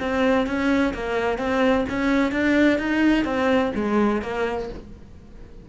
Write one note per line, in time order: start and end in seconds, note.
0.00 0.47 C4
0.47 0.94 C#4
0.94 1.38 A#3
1.38 1.85 C4
1.89 2.32 C#4
2.32 2.78 D4
2.78 3.25 D#4
3.25 3.71 C4
3.75 4.22 G#3
4.22 4.69 A#3